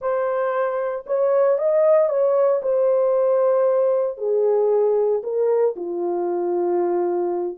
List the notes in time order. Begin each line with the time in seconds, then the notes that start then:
0.01 C5
1.06 C#5
1.58 D#5
2.09 C#5
2.62 C5
4.17 G#4
5.23 A#4
5.76 F4